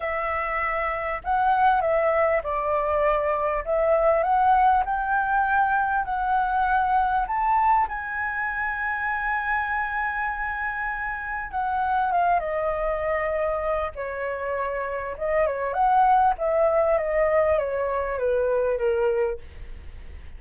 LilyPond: \new Staff \with { instrumentName = "flute" } { \time 4/4 \tempo 4 = 99 e''2 fis''4 e''4 | d''2 e''4 fis''4 | g''2 fis''2 | a''4 gis''2.~ |
gis''2. fis''4 | f''8 dis''2~ dis''8 cis''4~ | cis''4 dis''8 cis''8 fis''4 e''4 | dis''4 cis''4 b'4 ais'4 | }